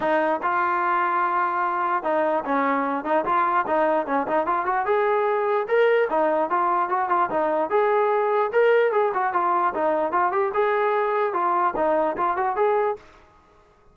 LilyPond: \new Staff \with { instrumentName = "trombone" } { \time 4/4 \tempo 4 = 148 dis'4 f'2.~ | f'4 dis'4 cis'4. dis'8 | f'4 dis'4 cis'8 dis'8 f'8 fis'8 | gis'2 ais'4 dis'4 |
f'4 fis'8 f'8 dis'4 gis'4~ | gis'4 ais'4 gis'8 fis'8 f'4 | dis'4 f'8 g'8 gis'2 | f'4 dis'4 f'8 fis'8 gis'4 | }